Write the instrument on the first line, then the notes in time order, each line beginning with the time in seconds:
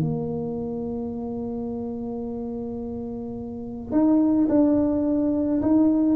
tuba
0.00 A#3
3.92 D#4
4.48 D4
5.62 D#4